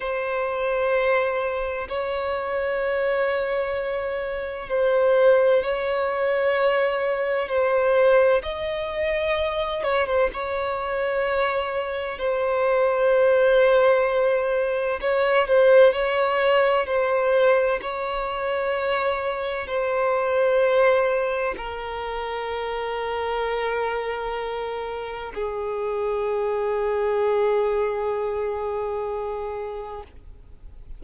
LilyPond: \new Staff \with { instrumentName = "violin" } { \time 4/4 \tempo 4 = 64 c''2 cis''2~ | cis''4 c''4 cis''2 | c''4 dis''4. cis''16 c''16 cis''4~ | cis''4 c''2. |
cis''8 c''8 cis''4 c''4 cis''4~ | cis''4 c''2 ais'4~ | ais'2. gis'4~ | gis'1 | }